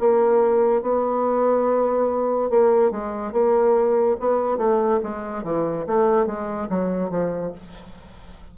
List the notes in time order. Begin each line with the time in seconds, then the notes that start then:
0.00 A#3
0.82 B3
2.50 A#3
2.92 G#3
3.33 A#3
4.20 B3
4.58 A3
5.03 G#3
5.44 E3
5.87 A3
6.27 G#3
6.70 F#3
7.10 F3